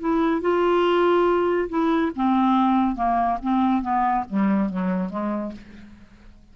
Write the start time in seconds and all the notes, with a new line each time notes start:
0.00 E4
0.42 F4
1.69 E4
2.16 C4
2.96 A#3
3.43 C4
3.82 B3
4.30 G3
4.70 F#3
5.10 G#3